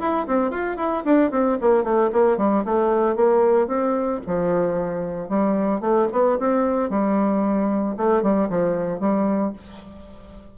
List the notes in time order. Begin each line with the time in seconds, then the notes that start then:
0.00 E4
0.27 C4
0.51 F4
0.77 E4
1.05 D4
1.31 C4
1.61 A#3
1.84 A3
2.13 A#3
2.37 G3
2.65 A3
3.16 A#3
3.67 C4
4.27 F3
5.29 G3
5.81 A3
6.12 B3
6.39 C4
6.90 G3
7.97 A3
8.23 G3
8.50 F3
9.00 G3